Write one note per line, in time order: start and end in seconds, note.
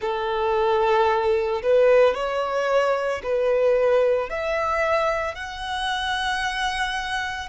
0.01 1.62 A4
1.62 2.14 B4
2.14 3.21 C#5
3.23 4.29 B4
4.29 5.34 E5
5.34 7.49 F#5